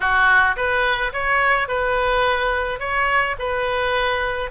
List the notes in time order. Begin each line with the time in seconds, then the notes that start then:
0.00 F#4
0.56 B4
1.12 C#5
1.68 B4
2.79 C#5
3.38 B4